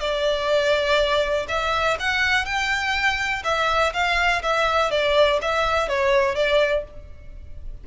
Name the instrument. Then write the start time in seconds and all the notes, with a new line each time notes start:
violin
0.00 D5
1.49 E5
2.00 F#5
2.45 G5
3.44 E5
3.93 F5
4.43 E5
4.91 D5
5.42 E5
5.88 C#5
6.35 D5